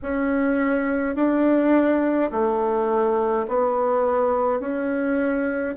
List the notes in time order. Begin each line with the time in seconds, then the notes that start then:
0.02 C#4
1.15 D4
2.31 A3
3.48 B3
4.59 C#4